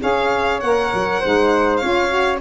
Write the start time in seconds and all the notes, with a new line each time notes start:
0.00 C#4 G#4 C#5 F5
0.60 A#3 A#4 F#5
0.94 F#3
1.20 G#3 D#4 C5
1.77 C#4 F4 C#5 F5
2.09 F#4